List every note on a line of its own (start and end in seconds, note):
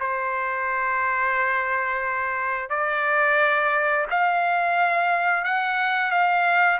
0.00 2.70 C5
2.70 4.06 D5
4.10 5.44 F5
5.44 6.11 F#5
6.11 6.79 F5